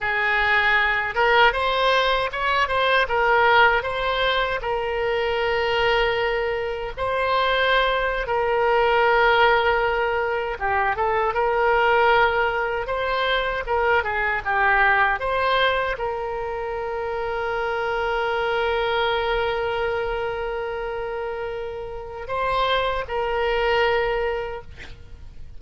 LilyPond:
\new Staff \with { instrumentName = "oboe" } { \time 4/4 \tempo 4 = 78 gis'4. ais'8 c''4 cis''8 c''8 | ais'4 c''4 ais'2~ | ais'4 c''4.~ c''16 ais'4~ ais'16~ | ais'4.~ ais'16 g'8 a'8 ais'4~ ais'16~ |
ais'8. c''4 ais'8 gis'8 g'4 c''16~ | c''8. ais'2.~ ais'16~ | ais'1~ | ais'4 c''4 ais'2 | }